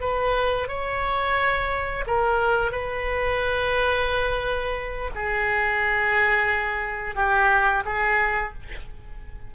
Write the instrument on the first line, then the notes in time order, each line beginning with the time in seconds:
oboe
0.00 B4
0.68 C#5
2.06 A#4
2.71 B4
5.14 G#4
7.15 G4
7.85 G#4